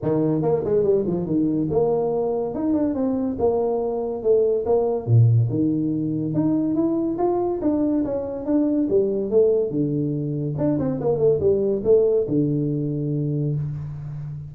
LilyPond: \new Staff \with { instrumentName = "tuba" } { \time 4/4 \tempo 4 = 142 dis4 ais8 gis8 g8 f8 dis4 | ais2 dis'8 d'8 c'4 | ais2 a4 ais4 | ais,4 dis2 dis'4 |
e'4 f'4 d'4 cis'4 | d'4 g4 a4 d4~ | d4 d'8 c'8 ais8 a8 g4 | a4 d2. | }